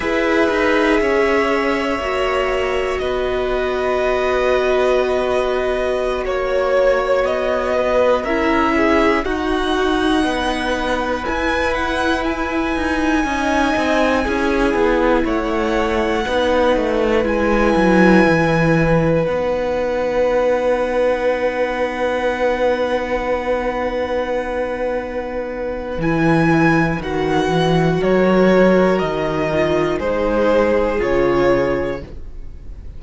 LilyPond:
<<
  \new Staff \with { instrumentName = "violin" } { \time 4/4 \tempo 4 = 60 e''2. dis''4~ | dis''2~ dis''16 cis''4 dis''8.~ | dis''16 e''4 fis''2 gis''8 fis''16~ | fis''16 gis''2. fis''8.~ |
fis''4~ fis''16 gis''2 fis''8.~ | fis''1~ | fis''2 gis''4 fis''4 | cis''4 dis''4 c''4 cis''4 | }
  \new Staff \with { instrumentName = "violin" } { \time 4/4 b'4 cis''2 b'4~ | b'2~ b'16 cis''4. b'16~ | b'16 ais'8 gis'8 fis'4 b'4.~ b'16~ | b'4~ b'16 dis''4 gis'4 cis''8.~ |
cis''16 b'2.~ b'8.~ | b'1~ | b'1 | ais'2 gis'2 | }
  \new Staff \with { instrumentName = "viola" } { \time 4/4 gis'2 fis'2~ | fis'1~ | fis'16 e'4 dis'2 e'8.~ | e'4~ e'16 dis'4 e'4.~ e'16~ |
e'16 dis'4 e'2 dis'8.~ | dis'1~ | dis'2 e'4 fis'4~ | fis'4. f'8 dis'4 f'4 | }
  \new Staff \with { instrumentName = "cello" } { \time 4/4 e'8 dis'8 cis'4 ais4 b4~ | b2~ b16 ais4 b8.~ | b16 cis'4 dis'4 b4 e'8.~ | e'8. dis'8 cis'8 c'8 cis'8 b8 a8.~ |
a16 b8 a8 gis8 fis8 e4 b8.~ | b1~ | b2 e4 dis8 e8 | fis4 dis4 gis4 cis4 | }
>>